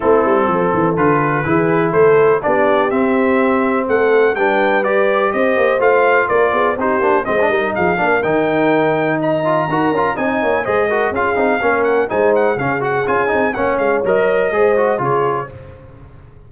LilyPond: <<
  \new Staff \with { instrumentName = "trumpet" } { \time 4/4 \tempo 4 = 124 a'2 b'2 | c''4 d''4 e''2 | fis''4 g''4 d''4 dis''4 | f''4 d''4 c''4 dis''4 |
f''4 g''2 ais''4~ | ais''4 gis''4 dis''4 f''4~ | f''8 fis''8 gis''8 fis''8 f''8 fis''8 gis''4 | fis''8 f''8 dis''2 cis''4 | }
  \new Staff \with { instrumentName = "horn" } { \time 4/4 e'4 a'2 gis'4 | a'4 g'2. | a'4 b'2 c''4~ | c''4 ais'8 gis'8 g'4 c''8 ais'8 |
gis'8 ais'2~ ais'8 dis''4 | ais'4 dis''8 cis''8 c''8 ais'8 gis'4 | ais'4 c''4 gis'2 | cis''2 c''4 gis'4 | }
  \new Staff \with { instrumentName = "trombone" } { \time 4/4 c'2 f'4 e'4~ | e'4 d'4 c'2~ | c'4 d'4 g'2 | f'2 dis'8 d'8 c'16 d'16 dis'8~ |
dis'8 d'8 dis'2~ dis'8 f'8 | fis'8 f'8 dis'4 gis'8 fis'8 f'8 dis'8 | cis'4 dis'4 cis'8 fis'8 f'8 dis'8 | cis'4 ais'4 gis'8 fis'8 f'4 | }
  \new Staff \with { instrumentName = "tuba" } { \time 4/4 a8 g8 f8 e8 d4 e4 | a4 b4 c'2 | a4 g2 c'8 ais8 | a4 ais8 b8 c'8 ais8 gis8 g8 |
f8 ais8 dis2. | dis'8 cis'8 c'8 ais8 gis4 cis'8 c'8 | ais4 gis4 cis4 cis'8 c'8 | ais8 gis8 fis4 gis4 cis4 | }
>>